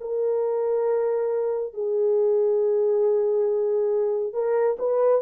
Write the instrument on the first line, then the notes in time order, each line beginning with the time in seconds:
horn
0.00 A#4
1.74 G#4
4.33 A#4
4.79 B4